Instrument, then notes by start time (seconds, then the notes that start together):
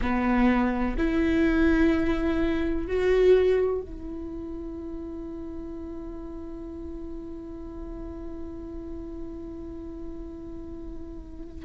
viola
0.01 B3
0.97 E4
2.87 F#4
3.81 E4